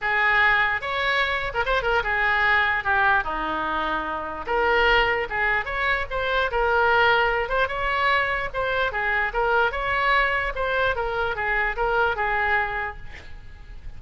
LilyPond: \new Staff \with { instrumentName = "oboe" } { \time 4/4 \tempo 4 = 148 gis'2 cis''4.~ cis''16 ais'16 | c''8 ais'8 gis'2 g'4 | dis'2. ais'4~ | ais'4 gis'4 cis''4 c''4 |
ais'2~ ais'8 c''8 cis''4~ | cis''4 c''4 gis'4 ais'4 | cis''2 c''4 ais'4 | gis'4 ais'4 gis'2 | }